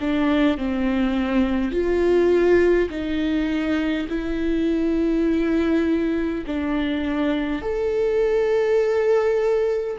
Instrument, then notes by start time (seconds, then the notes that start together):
viola
0.00 D4
0.57 C4
1.71 F4
2.89 D#4
4.09 E4
6.47 D4
7.61 A4